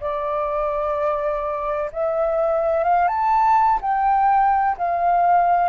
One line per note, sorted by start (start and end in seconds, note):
0.00 1.90 D5
1.93 2.84 E5
2.84 3.08 F5
3.08 3.79 A5
3.81 4.77 G5
4.77 5.69 F5